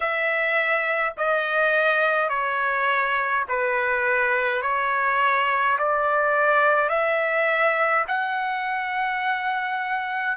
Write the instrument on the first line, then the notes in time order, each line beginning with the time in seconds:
trumpet
0.00 E5
1.17 D#5
2.29 C#5
3.48 B4
4.62 C#5
5.78 D5
6.89 E5
8.07 F#5